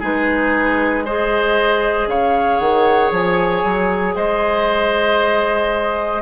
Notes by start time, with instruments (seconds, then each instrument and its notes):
0.00 bassoon G#3, clarinet D#4, oboe G#4, flute B4
1.05 clarinet G#4, oboe C5, flute D#5
2.07 bassoon C#3, oboe C#5, flute F5
2.59 bassoon D#3, flute F#5
3.12 bassoon F3, flute G#5
3.64 bassoon F#3
4.16 bassoon G#3, oboe C5, flute D#5